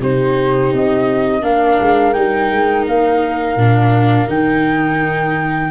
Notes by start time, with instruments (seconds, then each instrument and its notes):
0.00 tuba C3, viola D#4, horn G4, flute C5
0.73 tuba C4, flute D#5
1.42 tuba A#3, viola D4, horn A#4, flute F5
1.81 tuba G#3
2.13 tuba G3, viola D#4, flute G5
2.52 tuba G#3
2.87 tuba A#3, flute F5
3.56 tuba A#2, viola D4
4.28 tuba D#3, viola D#4, flute G5